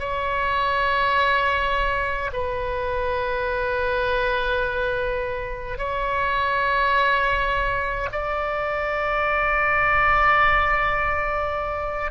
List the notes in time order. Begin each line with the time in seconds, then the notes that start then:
0.00 C#5
2.33 B4
5.78 C#5
8.12 D5